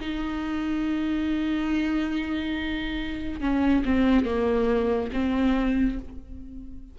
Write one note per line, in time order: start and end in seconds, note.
0.00 3.41 D#4
3.41 3.83 C#4
3.85 4.25 C4
4.25 5.10 A#3
5.13 5.98 C4